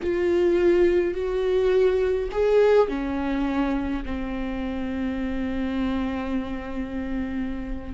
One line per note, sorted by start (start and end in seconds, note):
0.02 1.14 F4
1.14 2.29 F#4
2.31 2.88 G#4
2.88 4.03 C#4
4.05 7.93 C4